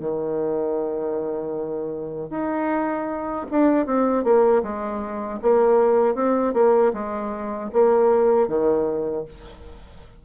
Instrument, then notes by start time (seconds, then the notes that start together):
bassoon
0.00 D#3
2.30 D#4
3.51 D4
3.87 C4
4.24 A#3
4.63 G#3
5.42 A#3
6.15 C4
6.54 A#3
6.94 G#3
7.73 A#3
8.49 D#3